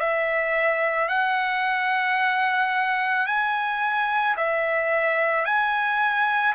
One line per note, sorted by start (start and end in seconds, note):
0.00 1.09 E5
1.09 3.27 F#5
3.27 4.36 G#5
4.37 5.45 E5
5.45 6.55 G#5